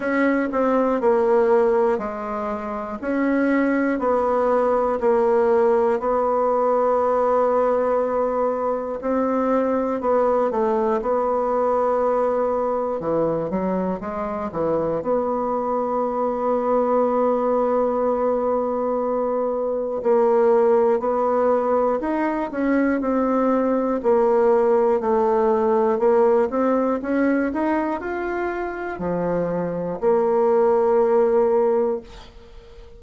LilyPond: \new Staff \with { instrumentName = "bassoon" } { \time 4/4 \tempo 4 = 60 cis'8 c'8 ais4 gis4 cis'4 | b4 ais4 b2~ | b4 c'4 b8 a8 b4~ | b4 e8 fis8 gis8 e8 b4~ |
b1 | ais4 b4 dis'8 cis'8 c'4 | ais4 a4 ais8 c'8 cis'8 dis'8 | f'4 f4 ais2 | }